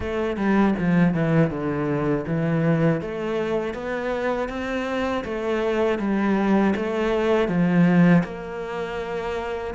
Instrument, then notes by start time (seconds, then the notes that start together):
cello
0.00 A3
0.36 G3
0.78 F3
1.14 E3
1.50 D3
2.27 E3
3.01 A3
3.74 B3
4.48 C4
5.24 A3
5.98 G3
6.76 A3
7.48 F3
8.24 A#3